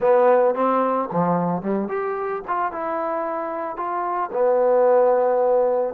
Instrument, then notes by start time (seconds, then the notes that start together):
trombone
0.00 B3
0.55 C4
1.11 F3
1.62 G3
1.88 G4
2.47 F4
2.72 E4
3.76 F4
4.32 B3